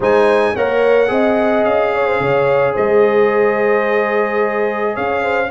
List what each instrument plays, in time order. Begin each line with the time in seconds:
0.00 tuba G#3, trombone D#4, horn C5, trumpet G#5
0.55 tuba A#3, trombone A#4, horn C#5, trumpet F#5
1.07 tuba C4, trombone G#4, horn D#5
1.64 tuba C#4, trumpet F5
1.94 horn C#5
2.06 horn C5
2.20 tuba C#3, horn C#5
2.73 tuba G#3, horn C5, trumpet D#5
4.94 tuba C#4, horn C#5, trumpet F5
5.22 horn C5